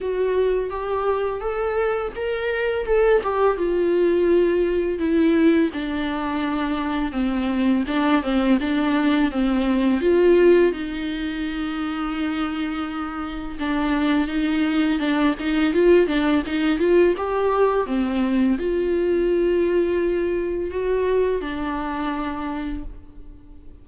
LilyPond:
\new Staff \with { instrumentName = "viola" } { \time 4/4 \tempo 4 = 84 fis'4 g'4 a'4 ais'4 | a'8 g'8 f'2 e'4 | d'2 c'4 d'8 c'8 | d'4 c'4 f'4 dis'4~ |
dis'2. d'4 | dis'4 d'8 dis'8 f'8 d'8 dis'8 f'8 | g'4 c'4 f'2~ | f'4 fis'4 d'2 | }